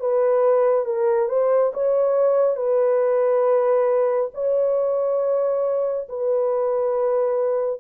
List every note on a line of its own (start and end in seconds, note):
0.00 0.85 B4
0.85 1.28 A#4
1.28 1.72 C5
1.74 2.57 C#5
2.57 4.30 B4
4.34 6.08 C#5
6.09 7.80 B4